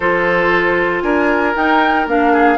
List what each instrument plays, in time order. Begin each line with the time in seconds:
0.00 bassoon F3, clarinet F4, oboe A4, flute C5
1.01 bassoon D4, oboe A#4, flute G#5
1.55 clarinet D#4, bassoon D#4, flute G5
2.06 bassoon A#3, clarinet D4, flute F5
2.32 oboe G#4